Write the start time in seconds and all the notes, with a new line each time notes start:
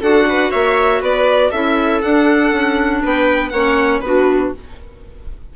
0.00 D4 F#4 A4 F#5
0.29 B4
0.50 A#3 C#5 E5
1.01 B3 B4 D5
1.49 C#4 E4 A4 E5
2.01 D4 F#5
2.51 C#4
3.02 B3 B4 G5
3.49 A#3 C#4 C#5 F#5
4.00 B3 D4 F#4 B4